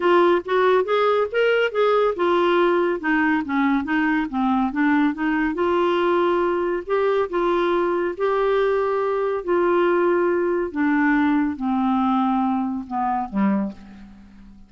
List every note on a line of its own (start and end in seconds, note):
0.00 0.41 F4
0.45 0.84 F#4
0.84 1.27 G#4
1.31 1.71 A#4
1.71 2.14 G#4
2.15 3.00 F4
3.00 3.42 D#4
3.45 3.84 C#4
3.84 4.26 D#4
4.29 4.72 C4
4.72 5.14 D4
5.14 5.54 D#4
5.54 6.83 F4
6.86 7.29 G4
7.29 8.15 F4
8.17 9.44 G4
9.44 10.71 F4
10.71 11.56 D4
11.56 12.85 C4
12.87 13.29 B3
13.29 13.71 G3